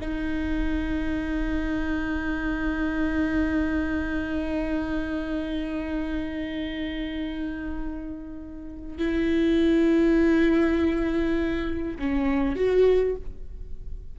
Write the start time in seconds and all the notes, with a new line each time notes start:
0.00 D#4
8.98 E4
11.99 C#4
12.55 F#4